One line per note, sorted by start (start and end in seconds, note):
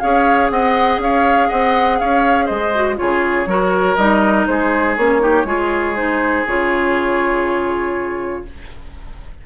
0.00 0.50 C#4
0.00 2.74 G#4
0.00 0.52 C#5
0.00 0.50 F5
0.50 0.98 C4
0.50 1.01 D#5
0.50 1.00 F#5
0.98 1.48 C#4
0.98 1.48 C#5
0.98 1.50 F5
1.48 2.01 C4
1.48 1.98 D#5
1.48 1.99 F#5
1.99 2.50 C#4
1.99 2.46 C#5
1.99 2.47 F5
2.46 2.99 G#3
2.46 2.95 C5
2.46 2.96 D#5
2.75 2.96 F#4
2.96 3.46 C#3
2.96 3.46 F4
2.96 3.49 G#4
2.96 3.96 C#5
3.46 3.96 F#3
3.46 3.98 F#4
3.46 4.48 A#4
3.96 4.47 G3
3.96 4.97 D#4
3.96 4.46 D#5
4.47 4.97 G#3
4.47 5.22 G#4
4.47 4.96 C5
4.97 5.45 A#3
4.97 5.20 C#4
4.97 5.96 C#5
5.20 5.45 D#4
5.20 5.47 G4
5.45 6.44 G#3
5.45 5.96 F4
5.45 8.44 G#4
5.96 6.45 D#4
5.96 6.46 C5
6.47 8.45 C#3
6.47 8.46 F4
6.47 8.45 C#5